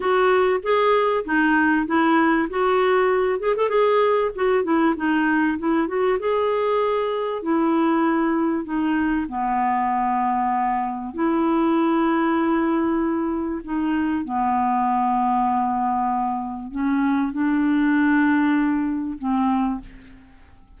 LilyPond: \new Staff \with { instrumentName = "clarinet" } { \time 4/4 \tempo 4 = 97 fis'4 gis'4 dis'4 e'4 | fis'4. gis'16 a'16 gis'4 fis'8 e'8 | dis'4 e'8 fis'8 gis'2 | e'2 dis'4 b4~ |
b2 e'2~ | e'2 dis'4 b4~ | b2. cis'4 | d'2. c'4 | }